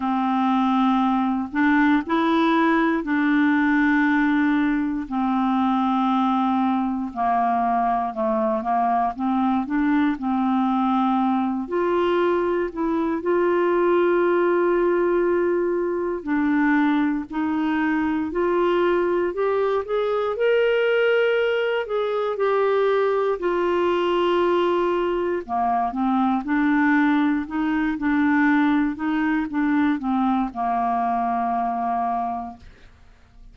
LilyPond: \new Staff \with { instrumentName = "clarinet" } { \time 4/4 \tempo 4 = 59 c'4. d'8 e'4 d'4~ | d'4 c'2 ais4 | a8 ais8 c'8 d'8 c'4. f'8~ | f'8 e'8 f'2. |
d'4 dis'4 f'4 g'8 gis'8 | ais'4. gis'8 g'4 f'4~ | f'4 ais8 c'8 d'4 dis'8 d'8~ | d'8 dis'8 d'8 c'8 ais2 | }